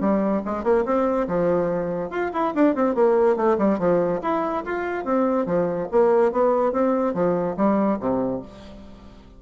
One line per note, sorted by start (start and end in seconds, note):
0.00 0.42 G3
0.45 0.63 G#3
0.63 0.84 A#3
0.85 1.27 C4
1.28 2.10 F3
2.10 2.31 F4
2.33 2.54 E4
2.55 2.75 D4
2.75 2.95 C4
2.95 3.36 A#3
3.36 3.57 A3
3.58 3.79 G3
3.79 4.21 F3
4.22 4.64 E4
4.65 5.05 F4
5.05 5.46 C4
5.46 5.88 F3
5.91 6.32 A#3
6.32 6.72 B3
6.72 7.14 C4
7.14 7.56 F3
7.57 7.99 G3
8.00 8.42 C3